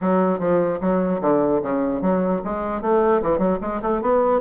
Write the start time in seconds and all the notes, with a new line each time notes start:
0.01 F#3
0.39 F3
0.80 F#3
1.21 D3
1.62 C#3
2.01 F#3
2.44 G#3
2.81 A3
3.22 E3
3.38 F#3
3.61 G#3
3.81 A3
4.01 B3